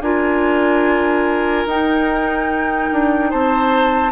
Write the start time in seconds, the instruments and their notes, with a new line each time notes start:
0.00 bassoon D4, clarinet F4, oboe A#4, flute G#5
1.66 bassoon D#4, clarinet D#4, flute G5
2.91 bassoon D4
3.30 bassoon C4, oboe C5, flute A5